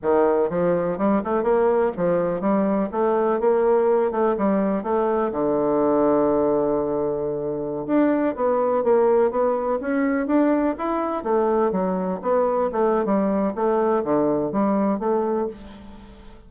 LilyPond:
\new Staff \with { instrumentName = "bassoon" } { \time 4/4 \tempo 4 = 124 dis4 f4 g8 a8 ais4 | f4 g4 a4 ais4~ | ais8 a8 g4 a4 d4~ | d1~ |
d16 d'4 b4 ais4 b8.~ | b16 cis'4 d'4 e'4 a8.~ | a16 fis4 b4 a8. g4 | a4 d4 g4 a4 | }